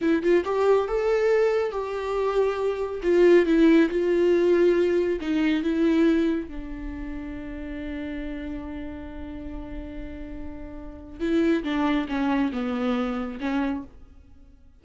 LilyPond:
\new Staff \with { instrumentName = "viola" } { \time 4/4 \tempo 4 = 139 e'8 f'8 g'4 a'2 | g'2. f'4 | e'4 f'2. | dis'4 e'2 d'4~ |
d'1~ | d'1~ | d'2 e'4 d'4 | cis'4 b2 cis'4 | }